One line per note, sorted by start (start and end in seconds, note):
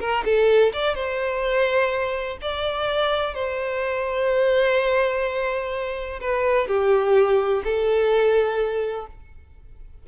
0.00 0.24 A#4
0.25 0.72 A4
0.73 0.95 D5
0.95 2.37 C5
2.41 3.34 D5
3.34 6.20 C5
6.20 6.67 B4
6.67 7.63 G4
7.64 9.06 A4